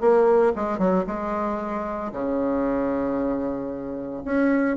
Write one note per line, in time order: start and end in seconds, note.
0.00 0.53 A#3
0.55 0.78 G#3
0.78 1.04 F#3
1.06 2.12 G#3
2.12 4.22 C#3
4.25 4.76 C#4